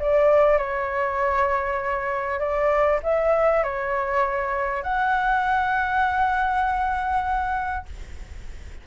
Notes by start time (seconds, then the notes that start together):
0.00 D5
0.58 C#5
2.40 D5
3.03 E5
3.64 C#5
4.83 F#5